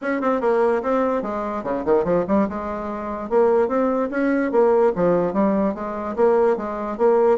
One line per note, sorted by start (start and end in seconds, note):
0.01 0.21 C#4
0.21 0.41 C4
0.41 0.82 A#3
0.82 1.22 C4
1.22 1.63 G#3
1.63 1.84 C#3
1.85 2.04 D#3
2.04 2.25 F3
2.27 2.48 G3
2.48 3.29 G#3
3.29 3.68 A#3
3.68 4.09 C4
4.10 4.51 C#4
4.51 4.92 A#3
4.95 5.33 F3
5.33 5.74 G3
5.74 6.15 G#3
6.16 6.57 A#3
6.57 6.97 G#3
6.97 7.38 A#3